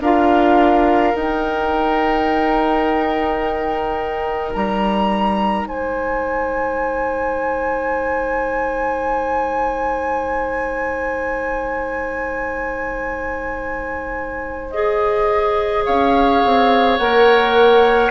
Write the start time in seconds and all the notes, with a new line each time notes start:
0.00 D4 F4 A#4 F5
1.13 D#4 G5
4.54 G3 A#5
5.65 G#3 C5 G#5
14.71 G#4 D#5
15.85 C#4 C#5 F5
16.44 C4
16.97 A#3 A#4 F#5